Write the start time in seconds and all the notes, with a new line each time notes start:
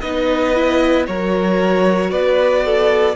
0.00 B3 D#4 B4 D#5
0.54 E4
1.06 F#3 F#4 A#4 C#5
2.10 B3 B4 D5
2.64 A4